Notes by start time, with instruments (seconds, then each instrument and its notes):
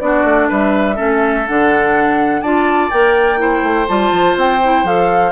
0.00 bassoon B3, clarinet D4, oboe F#4, flute D5
0.24 bassoon A3
0.48 bassoon G3, oboe B4, flute E5
0.95 bassoon A3, clarinet C#4, oboe A4
1.47 bassoon D3, clarinet D4, flute F#5
2.41 bassoon D4, clarinet F4, oboe D5, flute A5
2.90 bassoon A#3, clarinet A#4, flute G5
3.37 clarinet E4, oboe C5
3.62 bassoon A3
3.88 bassoon G3, clarinet F4, flute A5
4.11 bassoon F3
4.36 bassoon C4, flute G5
4.63 clarinet E4
4.83 bassoon F3, clarinet A4, flute F5